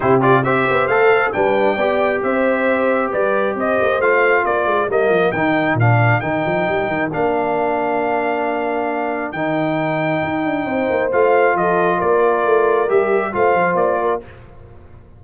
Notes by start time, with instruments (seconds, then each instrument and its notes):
0.00 tuba C3, trombone E4, horn G4, trumpet C5
0.21 trombone F4, trumpet D5
0.43 tuba C4, trombone G4, horn C5, trumpet E5
0.70 tuba B3
0.87 tuba A3, trombone A4, trumpet F5
1.32 tuba G3, trombone D4, horn B4, trumpet G5
1.75 tuba B3, trombone G4, horn D5
2.23 tuba C4, horn C5, trumpet E5
3.11 tuba G3, horn B4, trumpet D5
3.55 tuba C4, horn C5, trumpet D#5
3.81 tuba A#3
3.99 tuba A3, trombone F4, trumpet F5
4.43 tuba A#3, horn A#4, trumpet D5
4.65 tuba G#3
4.88 tuba G3, trombone A#3, trumpet D#5
5.09 tuba F3
5.31 tuba D#3, trombone D#4, trumpet G5
5.74 tuba A#2, trombone D4, trumpet F5
6.20 tuba D#3, trombone D#4, trumpet G5
6.45 tuba F3
6.67 tuba G3
6.88 tuba D#3
7.12 tuba A#3, trombone D4, trumpet F5
9.32 tuba D#3, trombone D#4, trumpet G5
10.23 tuba D#4
10.45 tuba D4
10.65 tuba C4, horn C5
10.90 tuba A#3
11.11 tuba A3, trombone F4, trumpet F5
11.54 tuba F3, horn A4, trumpet D#5
11.97 tuba A#3, horn A#4, trumpet D5
12.45 tuba A3
12.88 tuba G3, trombone G4, trumpet E5
13.32 tuba A3, trombone F4, horn C5, trumpet F5
13.53 tuba F3
13.74 tuba A#3, trumpet D5
14.01 horn A#4